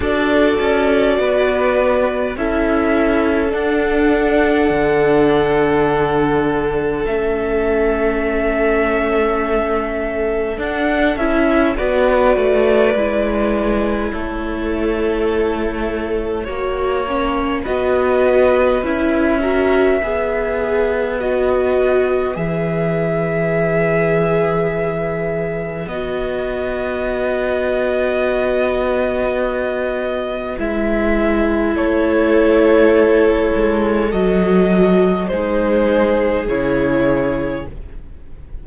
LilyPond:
<<
  \new Staff \with { instrumentName = "violin" } { \time 4/4 \tempo 4 = 51 d''2 e''4 fis''4~ | fis''2 e''2~ | e''4 fis''8 e''8 d''2 | cis''2. dis''4 |
e''2 dis''4 e''4~ | e''2 dis''2~ | dis''2 e''4 cis''4~ | cis''4 dis''4 c''4 cis''4 | }
  \new Staff \with { instrumentName = "violin" } { \time 4/4 a'4 b'4 a'2~ | a'1~ | a'2 b'2 | a'2 cis''4 b'4~ |
b'8 ais'8 b'2.~ | b'1~ | b'2. a'4~ | a'2 gis'2 | }
  \new Staff \with { instrumentName = "viola" } { \time 4/4 fis'2 e'4 d'4~ | d'2 cis'2~ | cis'4 d'8 e'8 fis'4 e'4~ | e'2 fis'8 cis'8 fis'4 |
e'8 fis'8 gis'4 fis'4 gis'4~ | gis'2 fis'2~ | fis'2 e'2~ | e'4 fis'4 dis'4 e'4 | }
  \new Staff \with { instrumentName = "cello" } { \time 4/4 d'8 cis'8 b4 cis'4 d'4 | d2 a2~ | a4 d'8 cis'8 b8 a8 gis4 | a2 ais4 b4 |
cis'4 b2 e4~ | e2 b2~ | b2 gis4 a4~ | a8 gis8 fis4 gis4 cis4 | }
>>